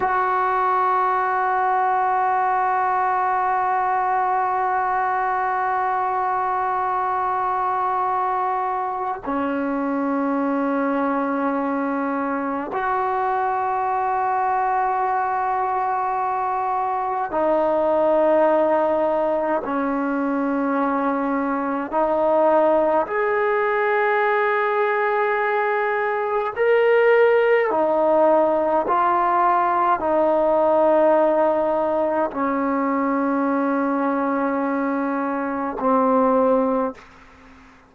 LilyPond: \new Staff \with { instrumentName = "trombone" } { \time 4/4 \tempo 4 = 52 fis'1~ | fis'1 | cis'2. fis'4~ | fis'2. dis'4~ |
dis'4 cis'2 dis'4 | gis'2. ais'4 | dis'4 f'4 dis'2 | cis'2. c'4 | }